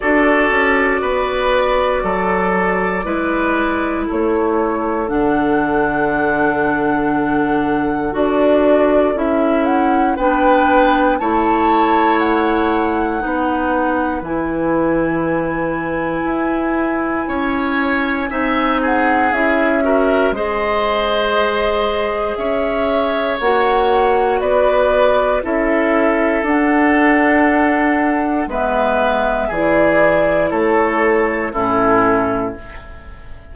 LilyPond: <<
  \new Staff \with { instrumentName = "flute" } { \time 4/4 \tempo 4 = 59 d''1 | cis''4 fis''2. | d''4 e''8 fis''8 g''4 a''4 | fis''2 gis''2~ |
gis''2~ gis''8 fis''8 e''4 | dis''2 e''4 fis''4 | d''4 e''4 fis''2 | e''4 d''4 cis''4 a'4 | }
  \new Staff \with { instrumentName = "oboe" } { \time 4/4 a'4 b'4 a'4 b'4 | a'1~ | a'2 b'4 cis''4~ | cis''4 b'2.~ |
b'4 cis''4 e''8 gis'4 ais'8 | c''2 cis''2 | b'4 a'2. | b'4 gis'4 a'4 e'4 | }
  \new Staff \with { instrumentName = "clarinet" } { \time 4/4 fis'2. e'4~ | e'4 d'2. | fis'4 e'4 d'4 e'4~ | e'4 dis'4 e'2~ |
e'2 dis'4 e'8 fis'8 | gis'2. fis'4~ | fis'4 e'4 d'2 | b4 e'2 cis'4 | }
  \new Staff \with { instrumentName = "bassoon" } { \time 4/4 d'8 cis'8 b4 fis4 gis4 | a4 d2. | d'4 cis'4 b4 a4~ | a4 b4 e2 |
e'4 cis'4 c'4 cis'4 | gis2 cis'4 ais4 | b4 cis'4 d'2 | gis4 e4 a4 a,4 | }
>>